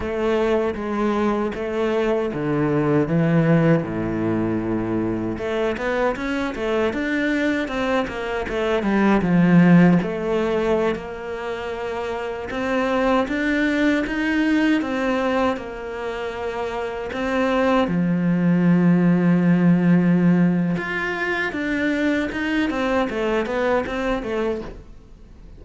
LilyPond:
\new Staff \with { instrumentName = "cello" } { \time 4/4 \tempo 4 = 78 a4 gis4 a4 d4 | e4 a,2 a8 b8 | cis'8 a8 d'4 c'8 ais8 a8 g8 | f4 a4~ a16 ais4.~ ais16~ |
ais16 c'4 d'4 dis'4 c'8.~ | c'16 ais2 c'4 f8.~ | f2. f'4 | d'4 dis'8 c'8 a8 b8 c'8 a8 | }